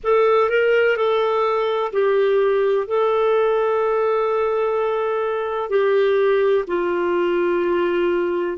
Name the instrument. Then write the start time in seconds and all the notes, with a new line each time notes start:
clarinet
0.03 A4
0.49 A#4
0.96 A4
1.92 G4
2.87 A4
5.69 G4
6.67 F4